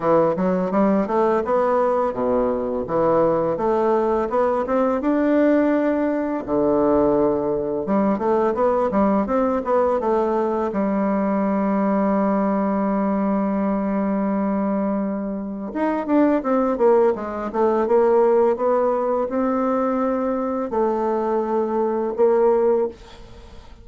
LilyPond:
\new Staff \with { instrumentName = "bassoon" } { \time 4/4 \tempo 4 = 84 e8 fis8 g8 a8 b4 b,4 | e4 a4 b8 c'8 d'4~ | d'4 d2 g8 a8 | b8 g8 c'8 b8 a4 g4~ |
g1~ | g2 dis'8 d'8 c'8 ais8 | gis8 a8 ais4 b4 c'4~ | c'4 a2 ais4 | }